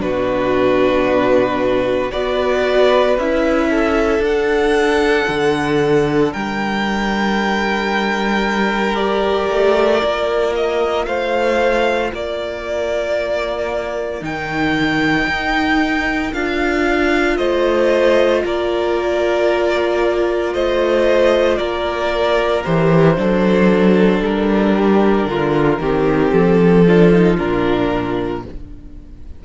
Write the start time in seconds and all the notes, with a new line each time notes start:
0.00 B2 D4 F#4 B4
2.11 B3 F#4 B4 D5
3.17 C#4 E4 E5
3.70 A4
4.19 D4 F#5
5.28 D3
6.33 G3 A#4 G5
8.95 G4 D5
9.50 A3
10.01 A#3 F4
10.56 D#5
11.05 A3 C5 F5
12.12 A#3 A#4 D5
14.21 D#3 D#4 G5
15.27 D#4
16.33 D4 F4 F5
17.37 A3 C5 D#5
18.44 A#3 A#4 D5
20.54 A3 C5 D#5
21.57 A#3 A#4 D5
22.64 E3 G4 C5
23.16 F#3 D4 A4
24.20 G3 A#4
24.77 G4
25.26 D3 F4
25.79 D#3 C4 G4
26.32 F3 A4
26.85 D4 F4
27.12 D#4
27.37 A#2 D4 A#4